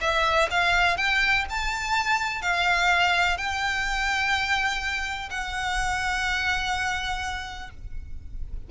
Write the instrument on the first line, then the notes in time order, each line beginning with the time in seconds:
violin
0.00 E5
0.50 F5
0.97 G5
1.49 A5
2.42 F5
3.37 G5
5.30 F#5